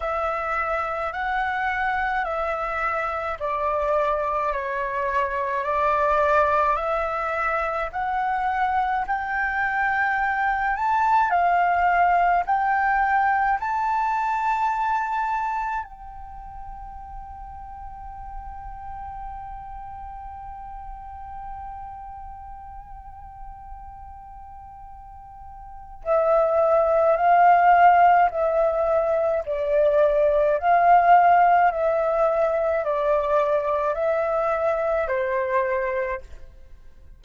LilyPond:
\new Staff \with { instrumentName = "flute" } { \time 4/4 \tempo 4 = 53 e''4 fis''4 e''4 d''4 | cis''4 d''4 e''4 fis''4 | g''4. a''8 f''4 g''4 | a''2 g''2~ |
g''1~ | g''2. e''4 | f''4 e''4 d''4 f''4 | e''4 d''4 e''4 c''4 | }